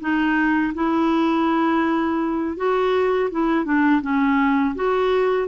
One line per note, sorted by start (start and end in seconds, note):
0.00 0.73 D#4
0.74 2.57 E4
2.57 3.30 F#4
3.31 3.65 E4
3.65 4.01 D4
4.01 4.75 C#4
4.75 5.48 F#4